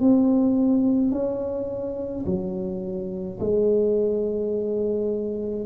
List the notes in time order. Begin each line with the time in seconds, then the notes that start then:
0.00 C4
1.11 C#4
2.25 F#3
3.40 G#3